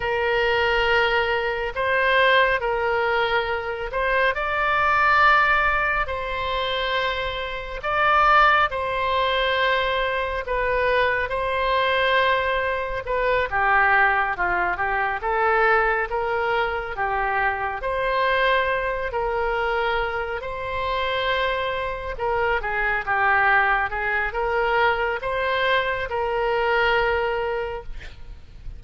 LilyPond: \new Staff \with { instrumentName = "oboe" } { \time 4/4 \tempo 4 = 69 ais'2 c''4 ais'4~ | ais'8 c''8 d''2 c''4~ | c''4 d''4 c''2 | b'4 c''2 b'8 g'8~ |
g'8 f'8 g'8 a'4 ais'4 g'8~ | g'8 c''4. ais'4. c''8~ | c''4. ais'8 gis'8 g'4 gis'8 | ais'4 c''4 ais'2 | }